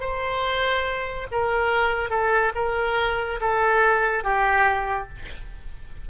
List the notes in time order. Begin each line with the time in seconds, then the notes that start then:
0.00 C5
1.31 A#4
2.10 A4
2.55 A#4
3.40 A4
4.24 G4